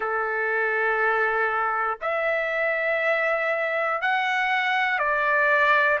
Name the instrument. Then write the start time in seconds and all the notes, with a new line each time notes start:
trumpet
0.00 A4
2.01 E5
4.01 F#5
4.99 D5